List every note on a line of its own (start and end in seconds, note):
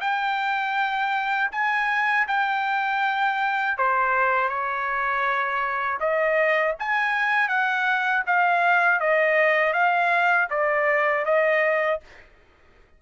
0.00 1.50 G5
1.51 2.26 G#5
2.27 3.77 G5
3.77 4.49 C5
4.49 5.99 C#5
6.00 6.75 D#5
6.79 7.48 G#5
7.48 8.23 F#5
8.26 9.00 F5
9.00 9.73 D#5
9.73 10.48 F5
10.50 11.25 D5
11.25 12.00 D#5